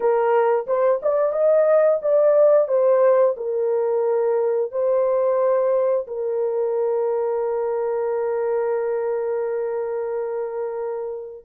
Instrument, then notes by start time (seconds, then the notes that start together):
horn
0.00 A#4
0.66 C5
1.02 D5
1.32 D#5
2.02 D5
2.68 C5
3.36 A#4
4.71 C5
6.07 A#4